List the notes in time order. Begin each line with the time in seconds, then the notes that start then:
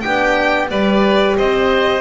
0.00 B3 D4 G4 G5
0.69 G3 G4 B4 D5
1.38 C4 C5 D#5